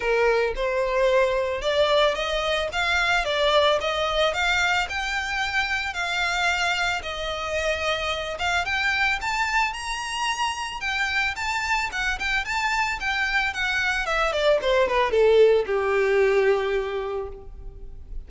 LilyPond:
\new Staff \with { instrumentName = "violin" } { \time 4/4 \tempo 4 = 111 ais'4 c''2 d''4 | dis''4 f''4 d''4 dis''4 | f''4 g''2 f''4~ | f''4 dis''2~ dis''8 f''8 |
g''4 a''4 ais''2 | g''4 a''4 fis''8 g''8 a''4 | g''4 fis''4 e''8 d''8 c''8 b'8 | a'4 g'2. | }